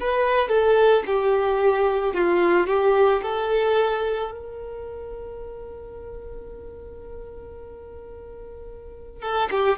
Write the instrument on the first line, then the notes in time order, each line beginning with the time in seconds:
violin
0.00 B4
0.49 A4
1.06 G4
2.14 F4
2.67 G4
3.22 A4
4.31 A#4
9.22 A4
9.51 G4